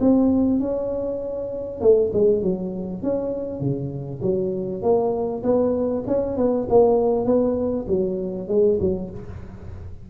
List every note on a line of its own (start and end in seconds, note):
0.00 0.60 C4
0.60 1.81 C#4
1.81 2.11 A3
2.13 2.42 G#3
2.42 3.02 F#3
3.02 3.60 C#4
3.60 4.21 C#3
4.21 4.82 F#3
4.82 5.42 A#3
5.43 6.04 B3
6.07 6.37 C#4
6.37 6.67 B3
6.69 7.25 A#3
7.25 7.86 B3
7.88 8.48 F#3
8.48 8.78 G#3
8.80 9.10 F#3